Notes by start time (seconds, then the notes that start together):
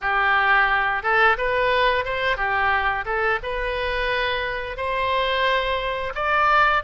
0.01 G4
1.02 A4
1.37 B4
2.04 C5
2.36 G4
3.05 A4
3.42 B4
4.76 C5
6.15 D5